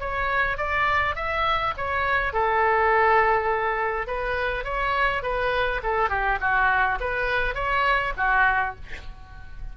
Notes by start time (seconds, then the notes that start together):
0.00 C#5
0.58 D5
1.16 E5
1.77 C#5
2.33 A4
4.07 B4
4.65 C#5
5.23 B4
5.84 A4
6.10 G4
6.41 F#4
7.01 B4
7.55 C#5
8.17 F#4